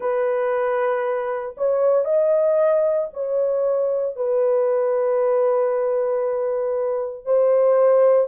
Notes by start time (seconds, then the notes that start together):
0.00 B4
1.57 C#5
2.04 D#5
3.13 C#5
4.16 B4
7.25 C5